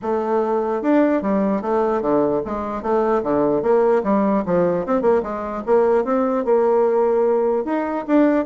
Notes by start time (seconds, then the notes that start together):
0.02 A3
0.82 D4
1.22 G3
1.61 A3
2.01 D3
2.45 G#3
2.82 A3
3.23 D3
3.62 A#3
4.03 G3
4.45 F3
4.86 C4
5.01 A#3
5.23 G#3
5.66 A#3
6.04 C4
6.44 A#3
7.64 D#4
8.07 D4